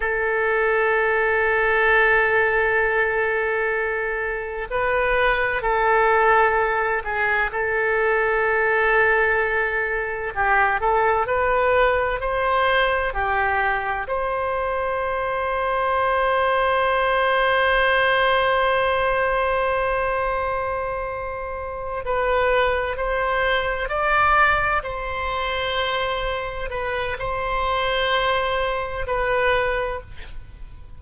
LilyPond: \new Staff \with { instrumentName = "oboe" } { \time 4/4 \tempo 4 = 64 a'1~ | a'4 b'4 a'4. gis'8 | a'2. g'8 a'8 | b'4 c''4 g'4 c''4~ |
c''1~ | c''2.~ c''8 b'8~ | b'8 c''4 d''4 c''4.~ | c''8 b'8 c''2 b'4 | }